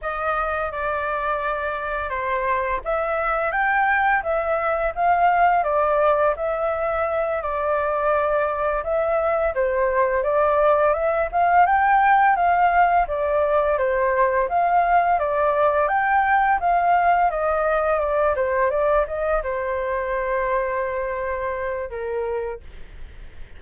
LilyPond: \new Staff \with { instrumentName = "flute" } { \time 4/4 \tempo 4 = 85 dis''4 d''2 c''4 | e''4 g''4 e''4 f''4 | d''4 e''4. d''4.~ | d''8 e''4 c''4 d''4 e''8 |
f''8 g''4 f''4 d''4 c''8~ | c''8 f''4 d''4 g''4 f''8~ | f''8 dis''4 d''8 c''8 d''8 dis''8 c''8~ | c''2. ais'4 | }